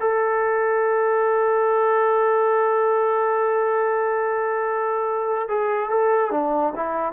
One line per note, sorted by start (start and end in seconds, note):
0.00 5.48 A4
5.48 5.90 G#4
5.90 6.31 A4
6.31 6.73 D4
6.76 7.12 E4